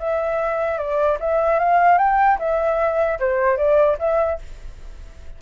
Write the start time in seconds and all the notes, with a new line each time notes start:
0.00 E5
0.79 D5
1.20 E5
1.60 F5
1.99 G5
2.39 E5
3.20 C5
3.58 D5
3.99 E5